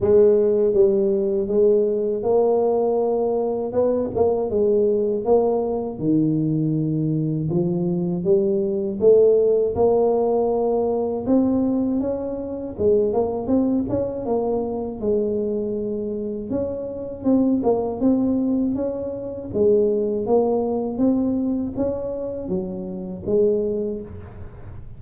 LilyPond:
\new Staff \with { instrumentName = "tuba" } { \time 4/4 \tempo 4 = 80 gis4 g4 gis4 ais4~ | ais4 b8 ais8 gis4 ais4 | dis2 f4 g4 | a4 ais2 c'4 |
cis'4 gis8 ais8 c'8 cis'8 ais4 | gis2 cis'4 c'8 ais8 | c'4 cis'4 gis4 ais4 | c'4 cis'4 fis4 gis4 | }